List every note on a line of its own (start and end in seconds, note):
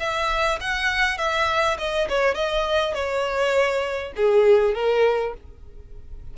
0.00 0.59 E5
0.61 1.19 F#5
1.19 1.78 E5
1.79 2.08 D#5
2.10 2.35 C#5
2.35 2.95 D#5
2.95 4.13 C#5
4.17 4.75 G#4
4.75 5.34 A#4